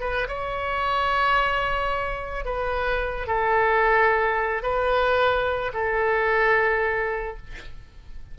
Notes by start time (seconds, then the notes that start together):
0.00 B4
0.28 C#5
2.45 B4
3.27 A4
4.63 B4
5.73 A4